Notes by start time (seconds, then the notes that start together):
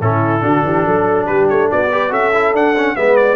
0.00 A2 C#4 E4 A4
0.40 D3 D4 F#4
0.64 E3 G4
0.85 F#3 A4
1.26 G3 G4 B4
1.49 A3 C#5
1.70 B3 F#4 D5
1.91 G4 B4
2.10 C#4 F#4 A4 E5
2.34 E4
2.53 D4 F#5
2.77 C#4
2.95 G#3 B3 B4 E5
3.16 D5